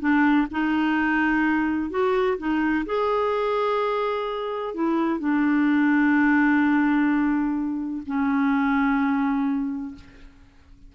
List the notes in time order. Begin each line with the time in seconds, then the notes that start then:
0.00 D4
0.51 D#4
1.90 F#4
2.38 D#4
2.86 G#4
4.74 E4
5.19 D4
8.06 C#4